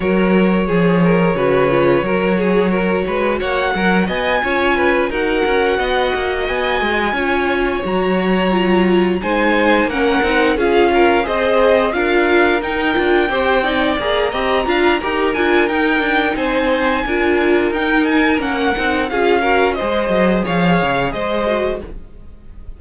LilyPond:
<<
  \new Staff \with { instrumentName = "violin" } { \time 4/4 \tempo 4 = 88 cis''1~ | cis''4 fis''4 gis''4. fis''8~ | fis''4. gis''2 ais''8~ | ais''4. gis''4 fis''4 f''8~ |
f''8 dis''4 f''4 g''4.~ | g''8 ais''2 gis''8 g''4 | gis''2 g''8 gis''8 fis''4 | f''4 dis''4 f''4 dis''4 | }
  \new Staff \with { instrumentName = "violin" } { \time 4/4 ais'4 gis'8 ais'8 b'4 ais'8 gis'8 | ais'8 b'8 cis''8 ais'8 dis''8 cis''8 b'8 ais'8~ | ais'8 dis''2 cis''4.~ | cis''4. c''4 ais'4 gis'8 |
ais'8 c''4 ais'2 c''8 | d''4 dis''8 f''8 ais'2 | c''4 ais'2. | gis'8 ais'8 c''4 cis''4 c''4 | }
  \new Staff \with { instrumentName = "viola" } { \time 4/4 fis'4 gis'4 fis'8 f'8 fis'4~ | fis'2~ fis'8 f'4 fis'8~ | fis'2~ fis'8 f'4 fis'8~ | fis'8 f'4 dis'4 cis'8 dis'8 f'8~ |
f'8 gis'4 f'4 dis'8 f'8 g'8 | dis'8 gis'8 g'8 f'8 g'8 f'8 dis'4~ | dis'4 f'4 dis'4 cis'8 dis'8 | f'8 fis'8 gis'2~ gis'8 fis'8 | }
  \new Staff \with { instrumentName = "cello" } { \time 4/4 fis4 f4 cis4 fis4~ | fis8 gis8 ais8 fis8 b8 cis'4 dis'8 | cis'8 b8 ais8 b8 gis8 cis'4 fis8~ | fis4. gis4 ais8 c'8 cis'8~ |
cis'8 c'4 d'4 dis'8 d'8 c'8~ | c'8 ais8 c'8 d'8 dis'8 d'8 dis'8 d'8 | c'4 d'4 dis'4 ais8 c'8 | cis'4 gis8 fis8 f8 cis8 gis4 | }
>>